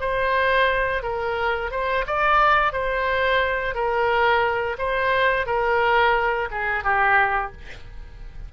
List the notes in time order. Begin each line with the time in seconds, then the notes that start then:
0.00 C5
1.02 A#4
1.71 C5
2.06 D5
2.72 C5
3.74 A#4
4.78 C5
5.46 A#4
6.51 G#4
6.83 G4